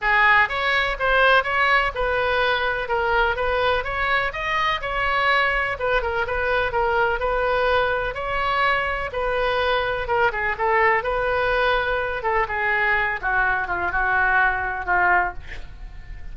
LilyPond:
\new Staff \with { instrumentName = "oboe" } { \time 4/4 \tempo 4 = 125 gis'4 cis''4 c''4 cis''4 | b'2 ais'4 b'4 | cis''4 dis''4 cis''2 | b'8 ais'8 b'4 ais'4 b'4~ |
b'4 cis''2 b'4~ | b'4 ais'8 gis'8 a'4 b'4~ | b'4. a'8 gis'4. fis'8~ | fis'8 f'8 fis'2 f'4 | }